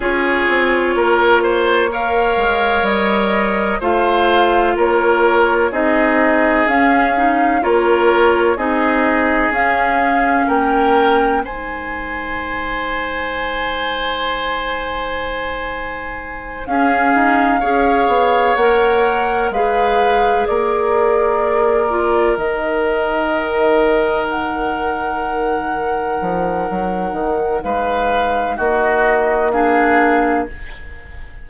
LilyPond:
<<
  \new Staff \with { instrumentName = "flute" } { \time 4/4 \tempo 4 = 63 cis''2 f''4 dis''4 | f''4 cis''4 dis''4 f''4 | cis''4 dis''4 f''4 g''4 | gis''1~ |
gis''4. f''2 fis''8~ | fis''8 f''4 d''2 dis''8~ | dis''4. fis''2~ fis''8~ | fis''4 f''4 dis''4 f''4 | }
  \new Staff \with { instrumentName = "oboe" } { \time 4/4 gis'4 ais'8 c''8 cis''2 | c''4 ais'4 gis'2 | ais'4 gis'2 ais'4 | c''1~ |
c''4. gis'4 cis''4.~ | cis''8 b'4 ais'2~ ais'8~ | ais'1~ | ais'4 b'4 fis'4 gis'4 | }
  \new Staff \with { instrumentName = "clarinet" } { \time 4/4 f'2 ais'2 | f'2 dis'4 cis'8 dis'8 | f'4 dis'4 cis'2 | dis'1~ |
dis'4. cis'4 gis'4 ais'8~ | ais'8 gis'2~ gis'8 f'8 dis'8~ | dis'1~ | dis'2. d'4 | }
  \new Staff \with { instrumentName = "bassoon" } { \time 4/4 cis'8 c'8 ais4. gis8 g4 | a4 ais4 c'4 cis'4 | ais4 c'4 cis'4 ais4 | gis1~ |
gis4. cis'8 dis'8 cis'8 b8 ais8~ | ais8 gis4 ais2 dis8~ | dis2.~ dis8 f8 | fis8 dis8 gis4 ais2 | }
>>